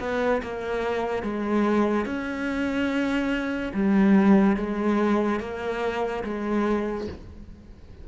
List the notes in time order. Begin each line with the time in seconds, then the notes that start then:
0.00 B3
0.42 A#3
1.23 G#3
2.06 C#4
3.74 G3
4.57 G#3
5.40 A#3
6.24 G#3